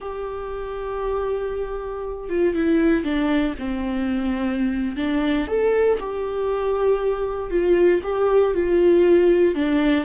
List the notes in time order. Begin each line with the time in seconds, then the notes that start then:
0.00 G4
2.29 F4
2.54 E4
3.03 D4
3.58 C4
4.96 D4
5.47 A4
5.99 G4
7.50 F4
8.03 G4
8.54 F4
9.54 D4